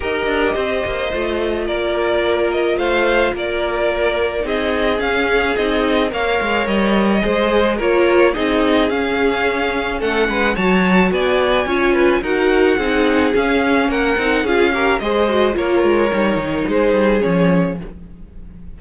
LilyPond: <<
  \new Staff \with { instrumentName = "violin" } { \time 4/4 \tempo 4 = 108 dis''2. d''4~ | d''8 dis''8 f''4 d''2 | dis''4 f''4 dis''4 f''4 | dis''2 cis''4 dis''4 |
f''2 fis''4 a''4 | gis''2 fis''2 | f''4 fis''4 f''4 dis''4 | cis''2 c''4 cis''4 | }
  \new Staff \with { instrumentName = "violin" } { \time 4/4 ais'4 c''2 ais'4~ | ais'4 c''4 ais'2 | gis'2. cis''4~ | cis''4 c''4 ais'4 gis'4~ |
gis'2 a'8 b'8 cis''4 | d''4 cis''8 b'8 ais'4 gis'4~ | gis'4 ais'4 gis'8 ais'8 c''4 | ais'2 gis'2 | }
  \new Staff \with { instrumentName = "viola" } { \time 4/4 g'2 f'2~ | f'1 | dis'4 cis'4 dis'4 ais'4~ | ais'4 gis'4 f'4 dis'4 |
cis'2. fis'4~ | fis'4 f'4 fis'4 dis'4 | cis'4. dis'8 f'8 g'8 gis'8 fis'8 | f'4 dis'2 cis'4 | }
  \new Staff \with { instrumentName = "cello" } { \time 4/4 dis'8 d'8 c'8 ais8 a4 ais4~ | ais4 a4 ais2 | c'4 cis'4 c'4 ais8 gis8 | g4 gis4 ais4 c'4 |
cis'2 a8 gis8 fis4 | b4 cis'4 dis'4 c'4 | cis'4 ais8 c'8 cis'4 gis4 | ais8 gis8 g8 dis8 gis8 g8 f4 | }
>>